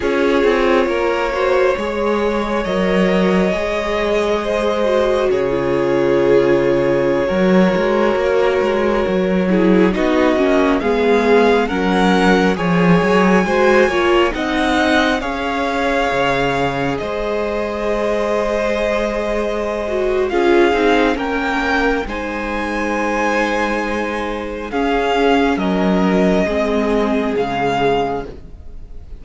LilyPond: <<
  \new Staff \with { instrumentName = "violin" } { \time 4/4 \tempo 4 = 68 cis''2. dis''4~ | dis''2 cis''2~ | cis''2.~ cis''16 dis''8.~ | dis''16 f''4 fis''4 gis''4.~ gis''16~ |
gis''16 fis''4 f''2 dis''8.~ | dis''2. f''4 | g''4 gis''2. | f''4 dis''2 f''4 | }
  \new Staff \with { instrumentName = "violin" } { \time 4/4 gis'4 ais'8 c''8 cis''2~ | cis''4 c''4 gis'2~ | gis'16 ais'2~ ais'8 gis'8 fis'8.~ | fis'16 gis'4 ais'4 cis''4 c''8 cis''16~ |
cis''16 dis''4 cis''2 c''8.~ | c''2. gis'4 | ais'4 c''2. | gis'4 ais'4 gis'2 | }
  \new Staff \with { instrumentName = "viola" } { \time 4/4 f'4. fis'8 gis'4 ais'4 | gis'4. fis'8. f'4.~ f'16~ | f'16 fis'2~ fis'8 e'8 dis'8 cis'16~ | cis'16 b4 cis'4 gis'4 fis'8 f'16~ |
f'16 dis'4 gis'2~ gis'8.~ | gis'2~ gis'8 fis'8 f'8 dis'8 | cis'4 dis'2. | cis'2 c'4 gis4 | }
  \new Staff \with { instrumentName = "cello" } { \time 4/4 cis'8 c'8 ais4 gis4 fis4 | gis2 cis2~ | cis16 fis8 gis8 ais8 gis8 fis4 b8 ais16~ | ais16 gis4 fis4 f8 fis8 gis8 ais16~ |
ais16 c'4 cis'4 cis4 gis8.~ | gis2. cis'8 c'8 | ais4 gis2. | cis'4 fis4 gis4 cis4 | }
>>